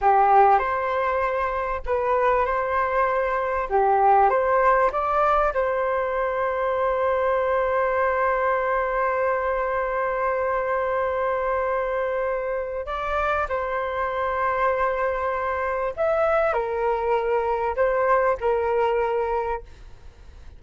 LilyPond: \new Staff \with { instrumentName = "flute" } { \time 4/4 \tempo 4 = 98 g'4 c''2 b'4 | c''2 g'4 c''4 | d''4 c''2.~ | c''1~ |
c''1~ | c''4 d''4 c''2~ | c''2 e''4 ais'4~ | ais'4 c''4 ais'2 | }